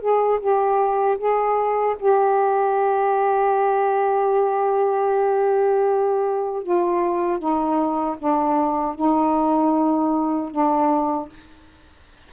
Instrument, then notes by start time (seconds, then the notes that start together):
saxophone
0.00 G#4
0.39 G4
1.18 G#4
1.99 G4
6.62 F4
7.38 D#4
8.18 D4
8.95 D#4
10.51 D4